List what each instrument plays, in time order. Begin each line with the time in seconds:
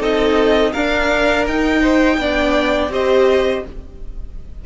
0.00 cello C4, viola D#4, violin A4 D#5
0.73 cello D4, viola D4, violin A#4 F5
1.47 cello D#4, viola D#4, violin G5
1.81 violin C5
2.18 cello B3, viola D4, violin D5
2.90 cello C4, viola G4, violin C5 D#5